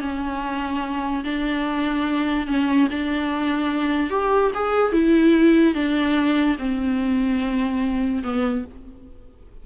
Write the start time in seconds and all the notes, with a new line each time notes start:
0.00 C#4
1.24 D4
2.47 C#4
2.90 D4
4.10 G4
4.54 G#4
4.92 E4
5.74 D4
6.58 C4
8.23 B3